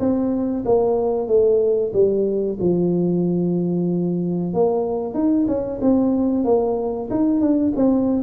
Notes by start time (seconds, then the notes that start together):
0.00 C4
0.65 A#3
1.28 A3
1.94 G3
2.60 F3
4.54 A#3
5.14 D#4
5.48 C#4
5.82 C4
6.45 A#3
7.11 D#4
7.41 D4
7.76 C4